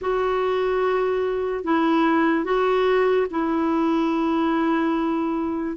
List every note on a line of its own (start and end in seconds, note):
0.01 1.64 F#4
1.64 2.44 E4
2.44 3.27 F#4
3.30 5.76 E4